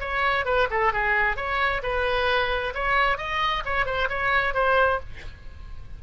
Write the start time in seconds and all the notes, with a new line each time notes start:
0.00 C#5
0.45 B4
0.70 A4
0.93 G#4
1.36 C#5
1.83 B4
2.75 C#5
3.18 D#5
3.65 C#5
3.86 C5
4.09 C#5
4.54 C5